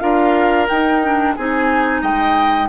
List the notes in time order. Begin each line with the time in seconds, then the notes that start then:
0.00 D4 F4 A#4 F5
0.68 D#4 G5
1.03 D4
1.35 C4 D#4 G#4 G#5
2.02 G#3 D#5 G5